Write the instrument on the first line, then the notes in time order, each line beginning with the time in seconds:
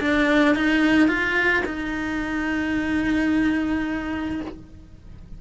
cello
0.00 D4
0.55 D#4
1.08 F4
1.66 D#4